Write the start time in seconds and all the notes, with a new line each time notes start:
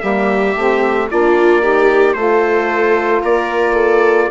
0.00 G3 A#3 G4 E5
0.55 A3 C4
1.09 A#3 D4 F4 D5
1.61 D#4 G4
2.13 A3 F4 A4 C5
3.23 A#3 A#4 D5
3.73 A4